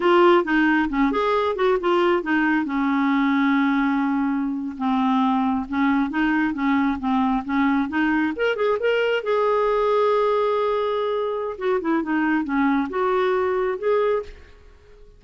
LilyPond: \new Staff \with { instrumentName = "clarinet" } { \time 4/4 \tempo 4 = 135 f'4 dis'4 cis'8 gis'4 fis'8 | f'4 dis'4 cis'2~ | cis'2~ cis'8. c'4~ c'16~ | c'8. cis'4 dis'4 cis'4 c'16~ |
c'8. cis'4 dis'4 ais'8 gis'8 ais'16~ | ais'8. gis'2.~ gis'16~ | gis'2 fis'8 e'8 dis'4 | cis'4 fis'2 gis'4 | }